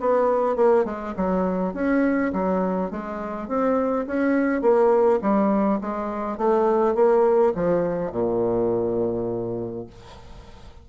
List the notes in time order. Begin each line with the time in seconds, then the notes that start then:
0.00 B3
0.56 A#3
0.85 G#3
1.17 F#3
1.74 C#4
2.33 F#3
2.91 G#3
3.48 C4
4.07 C#4
4.62 A#3
5.22 G3
5.81 G#3
6.38 A3
6.95 A#3
7.55 F3
8.12 A#2